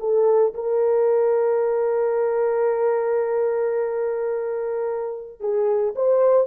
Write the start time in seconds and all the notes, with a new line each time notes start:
0.00 A4
0.55 A#4
5.41 G#4
5.95 C5